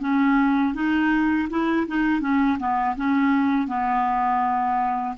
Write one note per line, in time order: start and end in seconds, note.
0.00 0.74 C#4
0.74 1.48 D#4
1.49 1.87 E4
1.88 2.21 D#4
2.21 2.58 C#4
2.59 2.96 B3
2.96 3.67 C#4
3.67 5.15 B3